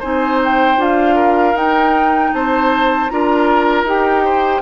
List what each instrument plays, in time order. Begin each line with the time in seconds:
0.00 bassoon C4, clarinet D#4, oboe C5, flute G#5
0.45 flute G5
0.78 bassoon D4, clarinet F4, flute F5
1.15 oboe A#4
1.54 bassoon D#4, clarinet D#4, flute G5
2.34 bassoon C4, oboe C5, flute A5
3.10 bassoon D4, clarinet F4, oboe A#4, flute A#5
3.84 bassoon D#4, clarinet G4, flute G5
4.25 oboe C5